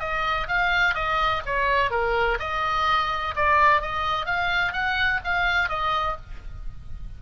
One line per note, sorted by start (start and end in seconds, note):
0.00 0.48 D#5
0.48 0.95 F5
0.95 1.43 D#5
1.46 1.91 C#5
1.91 2.38 A#4
2.40 3.35 D#5
3.36 3.82 D5
3.82 4.26 D#5
4.26 4.73 F5
4.73 5.21 F#5
5.24 5.69 F5
5.69 6.17 D#5